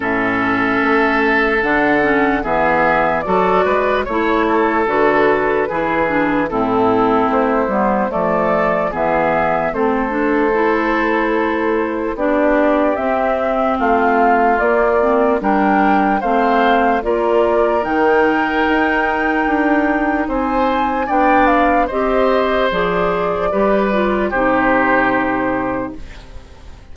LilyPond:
<<
  \new Staff \with { instrumentName = "flute" } { \time 4/4 \tempo 4 = 74 e''2 fis''4 e''4 | d''4 cis''4 b'2 | a'4 c''4 d''4 e''4 | c''2. d''4 |
e''4 f''4 d''4 g''4 | f''4 d''4 g''2~ | g''4 gis''4 g''8 f''8 dis''4 | d''2 c''2 | }
  \new Staff \with { instrumentName = "oboe" } { \time 4/4 a'2. gis'4 | a'8 b'8 cis''8 a'4. gis'4 | e'2 a'4 gis'4 | a'2. g'4~ |
g'4 f'2 ais'4 | c''4 ais'2.~ | ais'4 c''4 d''4 c''4~ | c''4 b'4 g'2 | }
  \new Staff \with { instrumentName = "clarinet" } { \time 4/4 cis'2 d'8 cis'8 b4 | fis'4 e'4 fis'4 e'8 d'8 | c'4. b8 a4 b4 | c'8 d'8 e'2 d'4 |
c'2 ais8 c'8 d'4 | c'4 f'4 dis'2~ | dis'2 d'4 g'4 | gis'4 g'8 f'8 dis'2 | }
  \new Staff \with { instrumentName = "bassoon" } { \time 4/4 a,4 a4 d4 e4 | fis8 gis8 a4 d4 e4 | a,4 a8 g8 f4 e4 | a2. b4 |
c'4 a4 ais4 g4 | a4 ais4 dis4 dis'4 | d'4 c'4 b4 c'4 | f4 g4 c2 | }
>>